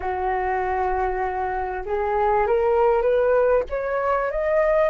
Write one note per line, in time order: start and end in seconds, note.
0.00 1.84 F#4
1.85 2.46 G#4
2.46 3.02 A#4
3.02 3.63 B4
3.69 4.30 C#5
4.30 4.90 D#5